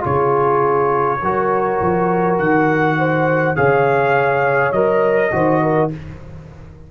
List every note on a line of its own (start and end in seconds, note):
0.00 1.22 C#3
0.00 1.18 F4
0.00 1.20 G#4
0.00 2.38 C#5
1.22 1.80 F#3
1.22 3.56 F#4
1.22 2.98 A#4
1.81 2.38 F3
2.38 3.56 D#3
2.38 3.56 F#5
2.98 3.56 C5
3.56 4.72 C#3
3.56 4.73 G#4
3.56 5.32 C#5
3.56 4.72 F5
4.72 5.31 F#3
4.72 5.31 A#4
4.72 5.90 D#5
5.31 5.91 D#3
5.31 5.90 F#4
5.31 5.62 C5
5.62 5.91 A#4